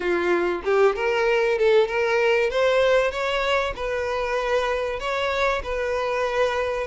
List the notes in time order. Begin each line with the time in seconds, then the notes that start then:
0.00 F4
0.64 G4
0.95 A#4
1.58 A4
1.87 A#4
2.50 C5
3.11 C#5
3.75 B4
4.99 C#5
5.62 B4